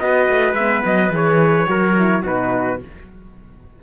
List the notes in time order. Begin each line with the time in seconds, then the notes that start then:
0.00 B3 F#4 B4 D#5
0.30 A3
0.53 G#3 B3 E5
0.86 F#3 D#5
1.10 E3 G#4 C#5
1.67 F#3 F#4 A#4
1.99 E4
2.23 B2 D#4 F#4 B4